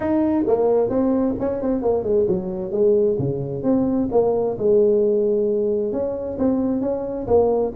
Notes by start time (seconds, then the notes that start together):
0.00 D#4
0.47 A#3
0.89 C4
1.39 C#4
1.62 C4
1.82 A#3
2.03 G#3
2.28 F#3
2.71 G#3
3.18 C#3
3.63 C4
4.11 A#3
4.58 G#3
5.92 C#4
6.38 C4
6.81 C#4
7.27 A#3